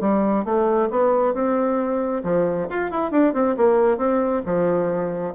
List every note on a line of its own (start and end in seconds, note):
0.00 0.44 G3
0.44 0.89 A3
0.90 1.34 B3
1.34 2.22 C4
2.23 2.67 F3
2.69 2.90 F4
2.90 3.11 E4
3.11 3.33 D4
3.33 3.55 C4
3.57 3.97 A#3
3.97 4.42 C4
4.45 5.34 F3